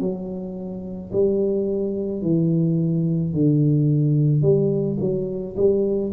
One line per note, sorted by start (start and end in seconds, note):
0.00 1.11 F#3
1.13 2.22 G3
2.22 3.33 E3
3.33 4.42 D3
4.42 4.97 G3
5.00 5.56 F#3
5.57 6.12 G3